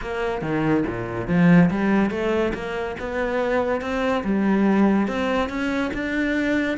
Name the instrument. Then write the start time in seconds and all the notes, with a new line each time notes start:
cello
0.01 A#3
0.41 D#3
0.86 A#2
1.27 F3
1.70 G3
2.10 A3
2.54 A#3
2.99 B3
3.81 C4
4.23 G3
5.07 C4
5.49 C#4
5.93 D4